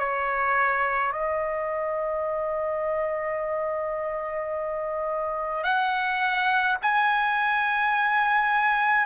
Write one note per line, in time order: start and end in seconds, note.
0.00 1.13 C#5
1.13 5.64 D#5
5.64 6.77 F#5
6.82 9.07 G#5